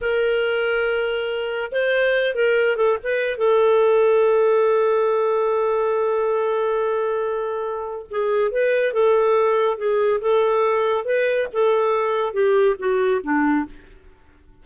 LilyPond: \new Staff \with { instrumentName = "clarinet" } { \time 4/4 \tempo 4 = 141 ais'1 | c''4. ais'4 a'8 b'4 | a'1~ | a'1~ |
a'2. gis'4 | b'4 a'2 gis'4 | a'2 b'4 a'4~ | a'4 g'4 fis'4 d'4 | }